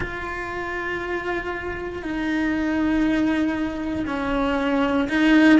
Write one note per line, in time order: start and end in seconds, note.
0.00 2.02 F4
2.02 4.05 D#4
4.06 5.08 C#4
5.08 5.59 D#4